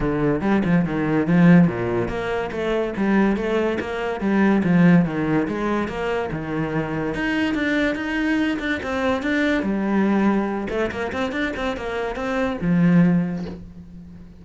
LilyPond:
\new Staff \with { instrumentName = "cello" } { \time 4/4 \tempo 4 = 143 d4 g8 f8 dis4 f4 | ais,4 ais4 a4 g4 | a4 ais4 g4 f4 | dis4 gis4 ais4 dis4~ |
dis4 dis'4 d'4 dis'4~ | dis'8 d'8 c'4 d'4 g4~ | g4. a8 ais8 c'8 d'8 c'8 | ais4 c'4 f2 | }